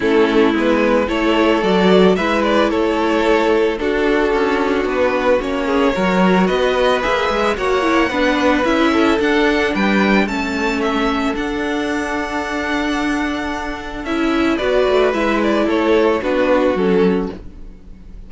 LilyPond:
<<
  \new Staff \with { instrumentName = "violin" } { \time 4/4 \tempo 4 = 111 a'4 b'4 cis''4 d''4 | e''8 d''8 cis''2 a'4~ | a'4 b'4 cis''2 | dis''4 e''4 fis''2 |
e''4 fis''4 g''4 a''4 | e''4 fis''2.~ | fis''2 e''4 d''4 | e''8 d''8 cis''4 b'4 a'4 | }
  \new Staff \with { instrumentName = "violin" } { \time 4/4 e'2 a'2 | b'4 a'2 fis'4~ | fis'2~ fis'8 gis'8 ais'4 | b'2 cis''4 b'4~ |
b'8 a'4. b'4 a'4~ | a'1~ | a'2. b'4~ | b'4 a'4 fis'2 | }
  \new Staff \with { instrumentName = "viola" } { \time 4/4 cis'4 b4 e'4 fis'4 | e'2. d'4~ | d'2 cis'4 fis'4~ | fis'4 gis'4 fis'8 e'8 d'4 |
e'4 d'2 cis'4~ | cis'4 d'2.~ | d'2 e'4 fis'4 | e'2 d'4 cis'4 | }
  \new Staff \with { instrumentName = "cello" } { \time 4/4 a4 gis4 a4 fis4 | gis4 a2 d'4 | cis'4 b4 ais4 fis4 | b4 ais8 gis8 ais4 b4 |
cis'4 d'4 g4 a4~ | a4 d'2.~ | d'2 cis'4 b8 a8 | gis4 a4 b4 fis4 | }
>>